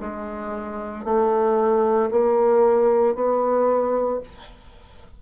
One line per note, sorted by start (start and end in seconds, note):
0.00 1.04 G#3
1.04 2.10 A3
2.11 3.14 A#3
3.14 4.20 B3